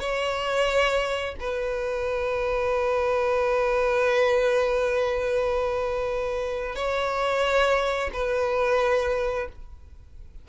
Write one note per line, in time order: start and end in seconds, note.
0.00 1.35 C#5
1.40 6.76 B4
6.76 8.11 C#5
8.13 9.48 B4